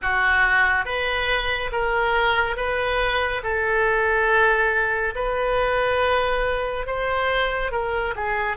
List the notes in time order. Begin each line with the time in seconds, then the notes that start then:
0.02 F#4
0.85 B4
1.72 A#4
2.56 B4
3.43 A4
5.15 B4
6.86 C5
7.71 A#4
8.15 G#4